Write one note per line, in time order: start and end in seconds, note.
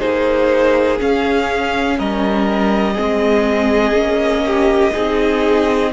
0.00 1.01 A#3
0.00 0.98 D#4
0.00 1.97 G#4
0.00 0.99 C5
0.99 2.95 C#4
0.99 2.00 C#4
0.99 1.99 F5
1.98 2.98 G3
1.98 2.94 A#4
1.98 5.93 D#5
2.94 3.93 G#3
2.94 3.94 C4
2.94 4.42 G#4
3.93 4.91 A#3
3.93 4.93 C#4
4.46 4.93 G4
4.93 5.93 C4
4.93 5.91 D#4
4.93 5.92 G#4